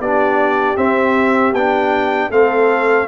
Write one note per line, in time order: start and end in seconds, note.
0.00 0.77 B3
0.00 0.77 D4
0.00 2.30 G4
0.00 0.77 D5
0.77 1.54 C4
0.77 1.53 C4
0.77 1.54 E5
1.53 2.30 B3
1.53 2.31 D4
1.53 2.32 G5
2.30 3.07 A3
2.30 3.08 C4
2.30 3.07 A4
2.30 3.08 F5